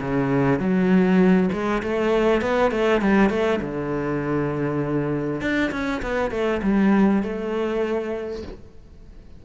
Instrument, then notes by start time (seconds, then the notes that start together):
cello
0.00 C#3
0.59 F#3
1.52 G#3
1.82 A3
2.41 B3
2.71 A3
3.01 G3
3.29 A3
3.61 D3
5.41 D4
5.71 C#4
6.02 B3
6.31 A3
6.62 G3
7.22 A3